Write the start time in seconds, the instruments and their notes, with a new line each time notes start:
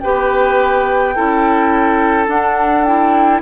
0.00 bassoon B3, clarinet G4, oboe B4, flute G5
1.15 bassoon C#4, clarinet E4, oboe A4
2.27 clarinet D4, bassoon D4, flute F#5
2.84 clarinet E4, flute G5